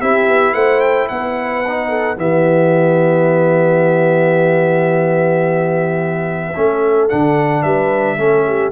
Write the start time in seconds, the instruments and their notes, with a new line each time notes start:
0.00 tuba C4, trombone E4, horn G4, trumpet E5
0.28 tuba B3
0.54 tuba A3, horn C5, trumpet F#5
0.80 trumpet G5
1.08 tuba B3, horn B4, trumpet F#5
1.67 trombone D#4
1.89 horn A4
2.17 tuba E3, trombone B3, horn G4, trumpet E5
6.56 tuba A3, trombone C#4, horn A4
7.09 tuba D3, trombone D4, trumpet F#5
7.62 tuba G3, horn B4, trumpet E5
8.17 tuba A3, trombone C#4, horn A4
8.46 horn G4